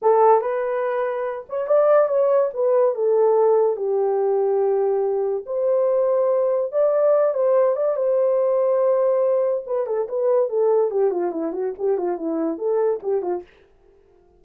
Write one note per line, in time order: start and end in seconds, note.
0.02 0.41 A4
0.41 1.46 B4
1.49 1.67 C#5
1.67 2.08 D5
2.08 2.50 C#5
2.53 2.94 B4
2.94 3.76 A4
3.76 5.44 G4
5.46 6.71 C5
6.71 7.34 D5
7.34 7.76 C5
7.76 7.96 D5
7.96 9.64 C5
9.66 9.86 B4
9.86 10.07 A4
10.08 10.49 B4
10.49 10.91 A4
10.91 11.10 G4
11.10 11.31 F4
11.31 11.52 E4
11.52 11.73 F#4
11.78 11.97 G4
11.97 12.17 F4
12.17 12.58 E4
12.58 13.00 A4
13.02 13.21 G4
13.21 13.42 F4